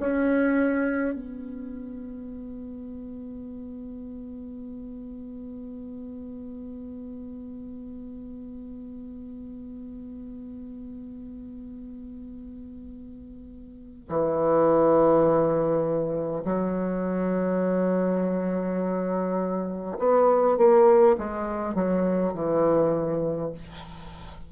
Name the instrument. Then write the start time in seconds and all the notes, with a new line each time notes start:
bassoon
0.00 C#4
1.14 B3
14.09 E3
16.45 F#3
19.99 B3
20.58 A#3
21.18 G#3
21.75 F#3
22.34 E3